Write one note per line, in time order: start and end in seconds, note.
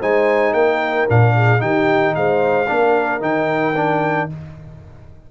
0.00 0.54 G#3
0.00 1.08 D#4
0.00 0.54 C5
0.00 0.54 G#5
0.54 1.07 A#3
0.54 1.34 A#4
0.54 1.07 G5
1.08 1.62 A#2
1.08 1.59 D4
1.08 1.61 F5
1.36 1.61 G#4
1.59 2.15 D#3
1.59 2.66 D#4
1.59 2.15 G4
1.59 2.15 G5
2.15 2.69 G#3
2.15 2.70 C5
2.15 3.22 F5
2.68 3.22 A#3
2.68 3.21 D4
2.68 4.31 A#4
3.21 4.29 D#3
3.21 3.74 D#4
3.21 4.30 G5
3.76 4.30 D4